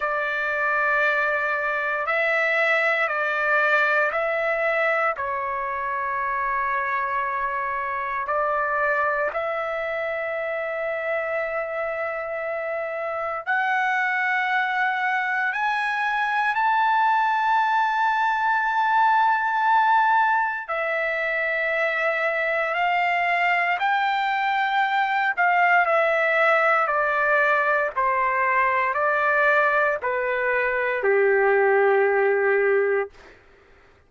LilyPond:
\new Staff \with { instrumentName = "trumpet" } { \time 4/4 \tempo 4 = 58 d''2 e''4 d''4 | e''4 cis''2. | d''4 e''2.~ | e''4 fis''2 gis''4 |
a''1 | e''2 f''4 g''4~ | g''8 f''8 e''4 d''4 c''4 | d''4 b'4 g'2 | }